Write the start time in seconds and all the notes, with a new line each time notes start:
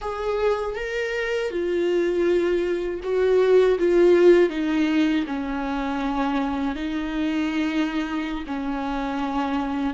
0.01 G#4
0.75 A#4
1.50 F4
3.03 F#4
3.78 F4
4.49 D#4
5.27 C#4
6.75 D#4
8.46 C#4